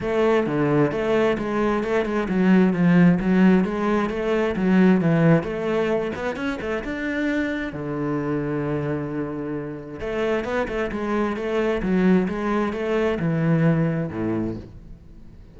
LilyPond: \new Staff \with { instrumentName = "cello" } { \time 4/4 \tempo 4 = 132 a4 d4 a4 gis4 | a8 gis8 fis4 f4 fis4 | gis4 a4 fis4 e4 | a4. b8 cis'8 a8 d'4~ |
d'4 d2.~ | d2 a4 b8 a8 | gis4 a4 fis4 gis4 | a4 e2 a,4 | }